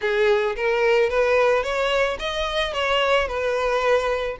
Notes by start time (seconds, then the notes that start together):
0.01 G#4
0.56 A#4
1.09 B4
1.63 C#5
2.19 D#5
2.73 C#5
3.27 B4